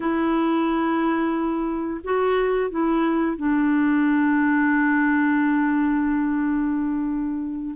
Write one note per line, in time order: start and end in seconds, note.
0.00 2.00 E4
2.04 2.70 F#4
2.70 3.36 E4
3.36 7.75 D4